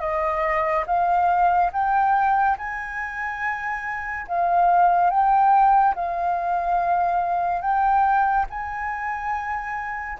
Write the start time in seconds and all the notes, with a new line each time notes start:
0.00 D#5
0.86 F5
1.72 G5
2.58 G#5
4.28 F5
5.10 G5
5.95 F5
7.61 G5
8.50 G#5